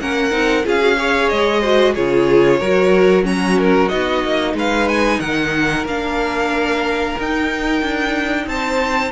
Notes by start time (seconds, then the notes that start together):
0.00 A#3 C#4 A#4 F#5
0.31 C4 D#4
0.64 C#4 F4 G#4 F5
0.80 F#4
0.97 G#4 C#5
1.29 G#3 D#5
1.60 F#4 C5
1.94 C#3 F4 G#4 C#5
2.59 F#3 F#4 A#4
3.22 C#4 F#4 A#5
3.58 A#4
3.89 B3 D#4 D#5
4.24 A#3
4.54 G#3 B4 F5
4.88 G#5
5.19 D#3 A#4 F#5
5.85 A#3 D4 F5
7.19 D#4 G5
7.82 D4
8.46 C4 C5 A5